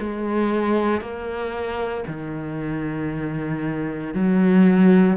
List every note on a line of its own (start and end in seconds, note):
0.00 1.01 G#3
1.01 2.05 A#3
2.08 4.15 D#3
4.15 5.17 F#3